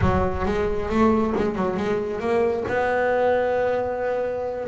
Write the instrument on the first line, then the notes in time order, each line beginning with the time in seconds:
double bass
0.01 F#3
0.45 G#3
0.89 A3
1.36 G#3
1.55 F#3
1.76 G#3
2.20 A#3
2.68 B3